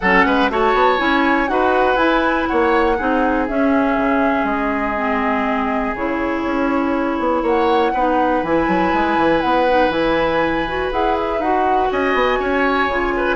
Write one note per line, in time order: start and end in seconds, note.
0.00 0.26 F#3
0.00 0.49 C#4
0.00 0.25 A4
0.00 0.49 F#5
0.26 0.49 G#3
0.26 0.51 B4
0.49 0.74 A3
0.49 0.98 F#4
0.49 1.50 C#5
0.49 0.99 A5
0.74 0.98 B3
0.98 1.49 C#4
0.98 1.47 E4
0.98 1.47 G#5
1.47 1.95 D#4
1.47 1.97 F#4
1.47 2.49 B4
1.47 1.97 F#5
1.95 2.45 E4
1.95 2.96 E4
1.95 2.46 G#5
2.46 2.99 A#3
2.46 2.97 C#5
2.46 3.46 F#5
2.97 3.49 C4
2.97 3.48 D#4
2.97 7.42 G#4
3.48 4.97 C#4
3.48 3.97 C#4
3.48 4.45 E5
3.97 4.43 C#3
4.43 5.92 G#3
4.43 5.94 D#5
4.97 5.96 C4
5.94 6.44 C#3
5.94 7.94 E4
5.94 7.44 C#5
6.45 7.19 C#4
7.19 7.42 B3
7.42 7.91 A#3
7.42 7.91 C#5
7.42 8.43 F#5
7.93 8.42 B3
7.93 8.45 D#4
7.93 11.90 B4
8.42 8.67 E3
8.42 9.69 E4
8.42 9.41 G#5
8.67 8.92 F#3
8.93 9.17 G#3
9.17 9.42 E3
9.41 9.89 B3
9.41 9.90 F#5
9.69 9.91 D#4
9.89 10.88 E3
9.89 10.65 E4
9.89 10.91 G#5
10.67 10.91 F#4
10.91 11.38 E4
10.91 11.41 G#4
10.91 11.16 F#5
11.17 11.41 E5
11.38 11.88 D#4
11.38 12.90 F#4
11.38 11.91 F#5
11.91 12.14 C#4
11.91 12.39 D#5
11.91 13.36 G#5
12.14 12.39 B3
12.39 12.87 C#4
12.39 13.13 C#5
12.87 13.36 C#3
12.87 13.36 F4
13.16 13.36 B4